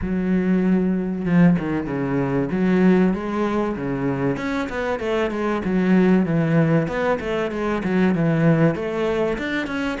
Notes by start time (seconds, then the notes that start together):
0.01 F#3
1.25 F3
1.58 D#3
1.86 C#3
2.51 F#3
3.13 G#3
3.76 C#3
4.37 C#4
4.69 B3
4.99 A3
5.30 G#3
5.64 F#3
6.25 E3
6.87 B3
7.20 A3
7.51 G#3
7.83 F#3
8.14 E3
8.75 A3
9.38 D4
9.66 C#4